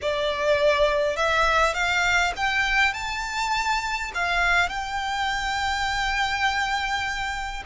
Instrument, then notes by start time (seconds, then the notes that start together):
violin
0.01 D5
1.16 E5
1.74 F5
2.36 G5
2.93 A5
4.14 F5
4.69 G5